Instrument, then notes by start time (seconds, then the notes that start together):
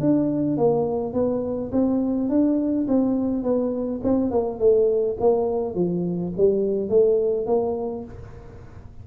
tuba
0.00 D4
0.57 A#3
1.13 B3
1.72 C4
2.29 D4
2.88 C4
3.43 B3
4.04 C4
4.31 A#3
4.59 A3
5.20 A#3
5.75 F3
6.37 G3
6.89 A3
7.46 A#3